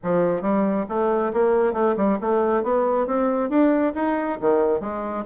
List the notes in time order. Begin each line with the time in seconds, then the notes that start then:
0.03 F3
0.41 G3
0.88 A3
1.33 A#3
1.73 A3
1.96 G3
2.20 A3
2.63 B3
3.07 C4
3.49 D4
3.95 D#4
4.40 D#3
4.80 G#3